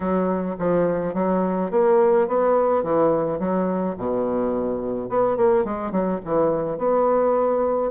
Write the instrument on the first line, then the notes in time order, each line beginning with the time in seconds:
bassoon
0.00 F#3
0.58 F3
1.14 F#3
1.71 A#3
2.27 B3
2.83 E3
3.39 F#3
3.97 B2
5.09 B3
5.36 A#3
5.64 G#3
5.91 F#3
6.24 E3
6.77 B3